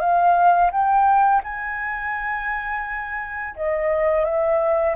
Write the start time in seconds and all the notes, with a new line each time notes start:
0.00 F5
0.72 G5
1.43 G#5
3.56 D#5
4.25 E5